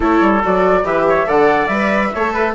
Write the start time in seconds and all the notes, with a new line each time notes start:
0.00 A3 E4 A4 C#5
0.21 G3
0.43 F#3 F#4 D5
0.83 E3 G4 B4 E5
1.08 C#5
1.26 D3 A4 D5 F#5
1.67 G3 B4 E5
2.14 A3 A4 C#5
2.33 B4